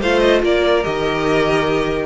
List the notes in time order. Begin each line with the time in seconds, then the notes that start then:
0.00 A3 F4 C5 F5
0.19 D#5
0.42 A#3 A#4 D5
0.83 D#3 G4 D#5